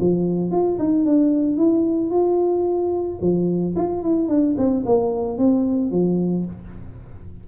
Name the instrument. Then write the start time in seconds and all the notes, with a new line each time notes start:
tuba
0.00 F3
0.51 F4
0.79 D#4
1.05 D4
1.57 E4
2.11 F4
3.21 F3
3.76 F4
4.03 E4
4.29 D4
4.57 C4
4.86 A#3
5.38 C4
5.91 F3